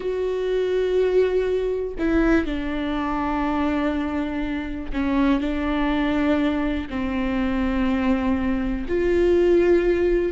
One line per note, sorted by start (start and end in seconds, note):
0.00 1.94 F#4
1.99 2.45 E4
2.45 4.91 D4
4.92 5.40 C#4
5.40 6.88 D4
6.89 8.86 C4
8.88 10.32 F4